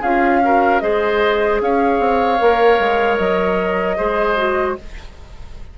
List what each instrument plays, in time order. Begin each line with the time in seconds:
0.00 bassoon C#4, clarinet F4, oboe G#4, flute F5
0.43 clarinet F#4, oboe A#4
0.80 bassoon G#3, clarinet G#4, oboe C5, flute D#5
1.61 bassoon C#4, oboe C#5, flute F5
1.99 bassoon C4
2.39 bassoon A#3, clarinet A#4
2.79 bassoon G#3
3.17 bassoon F#3, flute D#5
3.97 bassoon G#3, clarinet G#4, oboe C5
4.36 clarinet F#4